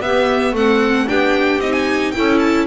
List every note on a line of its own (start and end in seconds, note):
0.00 0.52 B3
0.00 0.55 B3
0.00 0.53 G4
0.00 0.54 E5
0.52 1.06 A3
0.52 1.07 C4
0.52 1.07 A4
0.52 1.08 F#5
1.07 1.58 B3
1.07 1.60 D4
1.07 2.13 G4
1.07 1.60 G5
1.58 2.11 C4
1.58 2.14 D#4
1.58 1.72 D#5
1.72 2.11 G#5
2.11 2.67 E4
2.11 2.67 A4
2.11 2.38 G5
2.17 2.67 C#4
2.39 2.65 A5